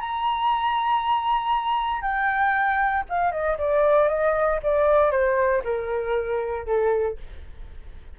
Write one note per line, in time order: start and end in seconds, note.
0.00 2.02 A#5
2.02 3.04 G5
3.09 3.31 F5
3.31 3.57 D#5
3.58 4.08 D5
4.08 4.60 D#5
4.63 5.11 D5
5.11 5.62 C5
5.64 6.66 A#4
6.66 7.17 A4